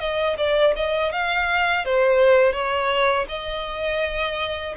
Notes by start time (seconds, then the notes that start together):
0.00 D#5
0.37 D5
0.75 D#5
1.12 F5
1.85 C5
2.53 C#5
3.29 D#5